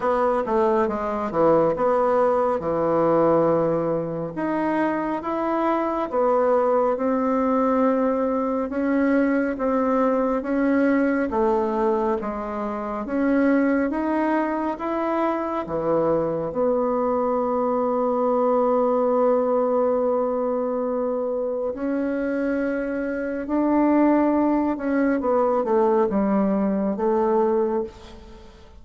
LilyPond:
\new Staff \with { instrumentName = "bassoon" } { \time 4/4 \tempo 4 = 69 b8 a8 gis8 e8 b4 e4~ | e4 dis'4 e'4 b4 | c'2 cis'4 c'4 | cis'4 a4 gis4 cis'4 |
dis'4 e'4 e4 b4~ | b1~ | b4 cis'2 d'4~ | d'8 cis'8 b8 a8 g4 a4 | }